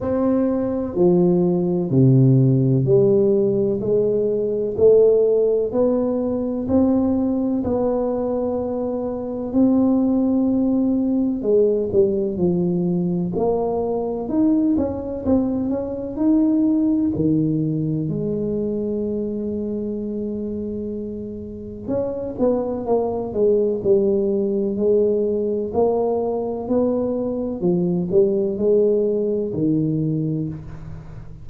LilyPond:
\new Staff \with { instrumentName = "tuba" } { \time 4/4 \tempo 4 = 63 c'4 f4 c4 g4 | gis4 a4 b4 c'4 | b2 c'2 | gis8 g8 f4 ais4 dis'8 cis'8 |
c'8 cis'8 dis'4 dis4 gis4~ | gis2. cis'8 b8 | ais8 gis8 g4 gis4 ais4 | b4 f8 g8 gis4 dis4 | }